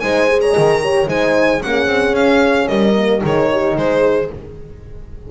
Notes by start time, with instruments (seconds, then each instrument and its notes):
0.00 double bass G#3, horn D#4 C5, violin G#5
0.28 horn G#4
0.41 horn C#5, violin A#5
0.51 horn D#5
0.58 double bass D#3
0.81 horn G4 C#5
1.07 double bass G#3, horn D#4 C5, violin G#5
1.61 double bass A#3, horn C#4 G#4, violin F#5
1.87 double bass C4
2.13 double bass C#4, violin F5
2.68 double bass G3, horn A#4, violin D#5
2.96 horn A#3
3.19 double bass D#3, horn D#4 G#4
3.26 violin C#5
3.51 horn G4
3.76 double bass G#3, horn G#4, violin C5